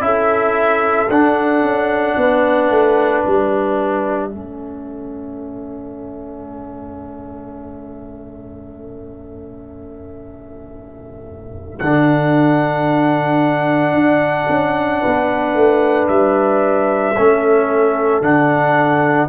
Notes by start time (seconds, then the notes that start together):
0.00 C#4 E4 A4 E5
1.08 D4 F#5
1.61 C#4
2.16 B3 B4
2.70 A3
3.24 G3 E5
4.29 A3 C#4 A4
11.79 D3 D4 F#5
13.93 D4
14.49 C#4
15.00 B3 B4
15.54 A3
16.08 G3 E5
17.15 A3 C#4 A4
18.21 D3 D4 F#5